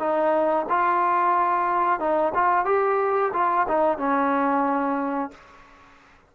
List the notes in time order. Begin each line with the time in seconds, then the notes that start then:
0.00 D#4
0.69 F4
2.00 D#4
2.35 F4
2.66 G4
3.34 F4
3.68 D#4
3.98 C#4